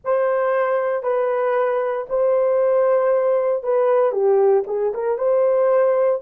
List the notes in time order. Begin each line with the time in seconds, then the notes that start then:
0.04 C5
1.03 B4
2.09 C5
3.63 B4
4.11 G4
4.66 G#4
4.94 A#4
5.18 C5